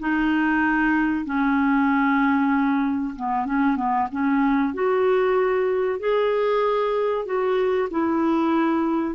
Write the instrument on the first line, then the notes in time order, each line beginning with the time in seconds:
clarinet
0.00 D#4
1.26 C#4
3.16 B3
3.46 C#4
3.77 B3
4.12 C#4
4.74 F#4
6.00 G#4
7.26 F#4
7.91 E4